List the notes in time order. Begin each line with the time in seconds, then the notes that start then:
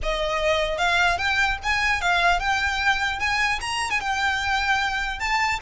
0.02 D#5
0.78 F5
1.18 G5
1.63 G#5
2.01 F5
2.39 G5
3.19 G#5
3.60 A#5
3.90 G#5
4.00 G5
5.19 A5